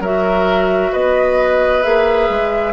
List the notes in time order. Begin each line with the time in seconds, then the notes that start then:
0.00 F#3 F#4 A#4 E5
0.92 B3 B4 D#5
1.82 A#3 G#4 E5
2.29 G#3